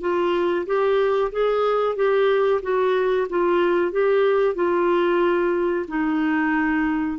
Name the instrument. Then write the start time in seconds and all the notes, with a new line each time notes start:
clarinet
0.00 F4
0.66 G4
1.31 G#4
1.95 G4
2.62 F#4
3.29 F4
3.91 G4
4.55 F4
5.88 D#4